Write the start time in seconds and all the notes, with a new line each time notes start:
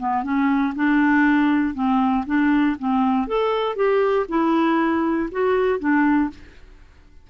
0.00 B3
0.24 C#4
0.76 D4
1.74 C4
2.27 D4
2.79 C4
3.28 A4
3.76 G4
4.29 E4
5.32 F#4
5.80 D4